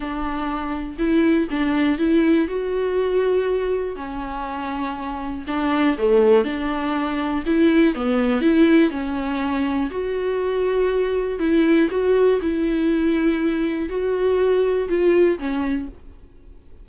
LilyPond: \new Staff \with { instrumentName = "viola" } { \time 4/4 \tempo 4 = 121 d'2 e'4 d'4 | e'4 fis'2. | cis'2. d'4 | a4 d'2 e'4 |
b4 e'4 cis'2 | fis'2. e'4 | fis'4 e'2. | fis'2 f'4 cis'4 | }